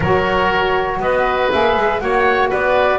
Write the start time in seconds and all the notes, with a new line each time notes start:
0.00 F#3 F#4 A#4 C#5
0.99 B3 B4 D#5
1.51 A#3 G#4 E5
1.76 G#3
1.98 A#3 F#4 C#5 F#5
2.49 B3 B4 D5